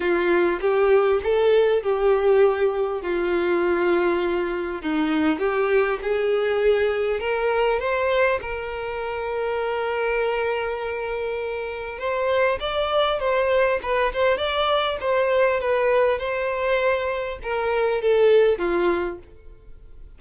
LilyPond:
\new Staff \with { instrumentName = "violin" } { \time 4/4 \tempo 4 = 100 f'4 g'4 a'4 g'4~ | g'4 f'2. | dis'4 g'4 gis'2 | ais'4 c''4 ais'2~ |
ais'1 | c''4 d''4 c''4 b'8 c''8 | d''4 c''4 b'4 c''4~ | c''4 ais'4 a'4 f'4 | }